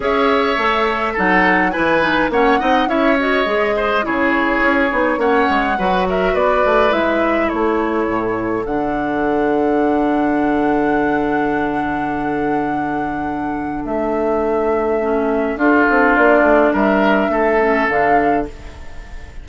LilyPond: <<
  \new Staff \with { instrumentName = "flute" } { \time 4/4 \tempo 4 = 104 e''2 fis''4 gis''4 | fis''4 e''8 dis''4. cis''4~ | cis''4 fis''4. e''8 d''4 | e''4 cis''2 fis''4~ |
fis''1~ | fis''1 | e''2. a'4 | d''4 e''2 f''4 | }
  \new Staff \with { instrumentName = "oboe" } { \time 4/4 cis''2 a'4 b'4 | cis''8 dis''8 cis''4. c''8 gis'4~ | gis'4 cis''4 b'8 ais'8 b'4~ | b'4 a'2.~ |
a'1~ | a'1~ | a'2. f'4~ | f'4 ais'4 a'2 | }
  \new Staff \with { instrumentName = "clarinet" } { \time 4/4 gis'4 a'4 dis'4 e'8 dis'8 | cis'8 dis'8 e'8 fis'8 gis'4 e'4~ | e'8 dis'8 cis'4 fis'2 | e'2. d'4~ |
d'1~ | d'1~ | d'2 cis'4 d'4~ | d'2~ d'8 cis'8 d'4 | }
  \new Staff \with { instrumentName = "bassoon" } { \time 4/4 cis'4 a4 fis4 e4 | ais8 c'8 cis'4 gis4 cis4 | cis'8 b8 ais8 gis8 fis4 b8 a8 | gis4 a4 a,4 d4~ |
d1~ | d1 | a2. d'8 c'8 | ais8 a8 g4 a4 d4 | }
>>